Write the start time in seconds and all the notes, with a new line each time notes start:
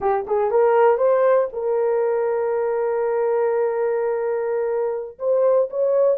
0.00 G4
0.27 G#4
0.50 A#4
0.97 C5
1.52 A#4
5.18 C5
5.70 C#5